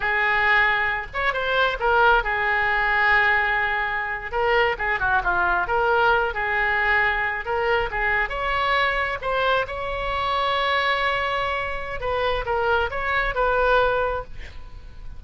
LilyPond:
\new Staff \with { instrumentName = "oboe" } { \time 4/4 \tempo 4 = 135 gis'2~ gis'8 cis''8 c''4 | ais'4 gis'2.~ | gis'4.~ gis'16 ais'4 gis'8 fis'8 f'16~ | f'8. ais'4. gis'4.~ gis'16~ |
gis'8. ais'4 gis'4 cis''4~ cis''16~ | cis''8. c''4 cis''2~ cis''16~ | cis''2. b'4 | ais'4 cis''4 b'2 | }